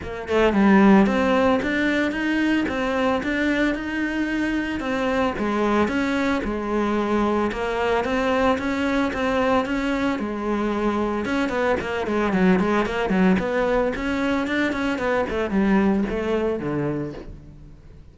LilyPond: \new Staff \with { instrumentName = "cello" } { \time 4/4 \tempo 4 = 112 ais8 a8 g4 c'4 d'4 | dis'4 c'4 d'4 dis'4~ | dis'4 c'4 gis4 cis'4 | gis2 ais4 c'4 |
cis'4 c'4 cis'4 gis4~ | gis4 cis'8 b8 ais8 gis8 fis8 gis8 | ais8 fis8 b4 cis'4 d'8 cis'8 | b8 a8 g4 a4 d4 | }